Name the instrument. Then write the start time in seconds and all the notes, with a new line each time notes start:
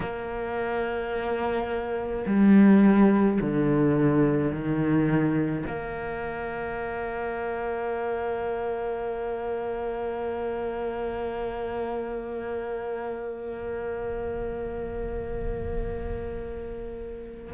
cello
0.00 A#3
2.26 G3
3.41 D3
4.52 D#3
5.66 A#3